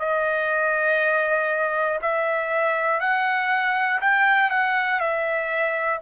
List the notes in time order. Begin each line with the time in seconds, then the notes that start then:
0.00 D#5
2.02 E5
3.01 F#5
4.02 G5
4.51 F#5
5.00 E5